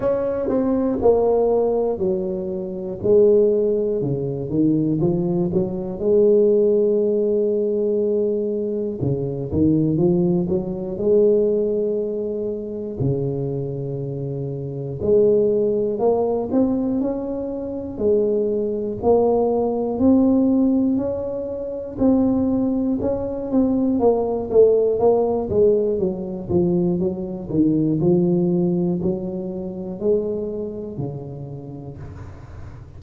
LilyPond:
\new Staff \with { instrumentName = "tuba" } { \time 4/4 \tempo 4 = 60 cis'8 c'8 ais4 fis4 gis4 | cis8 dis8 f8 fis8 gis2~ | gis4 cis8 dis8 f8 fis8 gis4~ | gis4 cis2 gis4 |
ais8 c'8 cis'4 gis4 ais4 | c'4 cis'4 c'4 cis'8 c'8 | ais8 a8 ais8 gis8 fis8 f8 fis8 dis8 | f4 fis4 gis4 cis4 | }